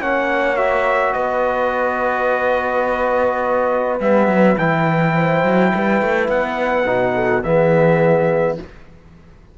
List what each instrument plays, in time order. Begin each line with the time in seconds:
0.00 cello A#3, trombone C#4, horn C#5, trumpet F#5
0.57 trombone F#4, trumpet E5
1.13 cello B3, horn B4, trumpet D#5
4.00 cello G3, trombone B3, trumpet E5
4.27 cello F#3
4.58 cello E3, trombone E4, trumpet G5
5.14 horn C5
5.44 cello F#3
5.75 cello G3, horn B4
6.02 cello A3
6.29 cello B3, trumpet F#5
6.86 cello B2, trombone D#4
7.15 horn A4
7.43 cello E3, trombone B3, horn G#4, trumpet E5